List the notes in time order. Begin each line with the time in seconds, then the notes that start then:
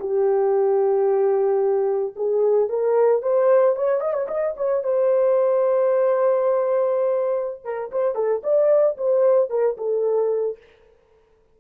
0.00 G4
2.16 G#4
2.69 A#4
3.23 C5
3.76 C#5
4.01 D#5
4.14 C#5
4.28 D#5
4.57 C#5
4.84 C5
7.65 A#4
7.92 C5
8.15 A4
8.44 D5
8.98 C5
9.50 A#4
9.78 A4